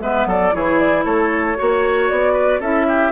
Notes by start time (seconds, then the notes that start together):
0.00 G#3 B3 B4 E5
0.26 F#3 A4 D5
0.52 E3 E4 G#4 C#5
0.77 D5
1.05 A3 A4 C#5
1.57 A#3 F#4 C#5
2.09 B3 D5
2.33 B4
2.59 C#4 E4 A4 E5
2.88 G4